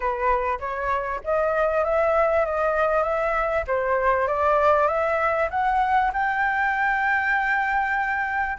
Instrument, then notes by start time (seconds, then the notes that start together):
flute
0.00 B4
0.59 C#5
1.24 D#5
1.84 E5
2.45 D#5
3.03 E5
3.67 C5
4.27 D5
4.87 E5
5.50 F#5
6.13 G5